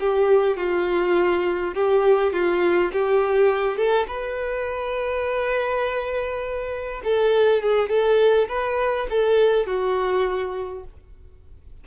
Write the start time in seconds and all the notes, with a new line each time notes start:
0.00 G4
0.57 F4
1.75 G4
2.33 F4
2.93 G4
3.78 A4
4.08 B4
7.04 A4
7.63 G#4
7.90 A4
8.49 B4
9.10 A4
9.67 F#4